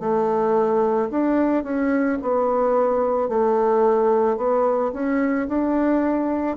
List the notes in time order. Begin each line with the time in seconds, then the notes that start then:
0.00 A3
1.11 D4
1.64 C#4
2.22 B3
3.29 A3
4.37 B3
4.93 C#4
5.48 D4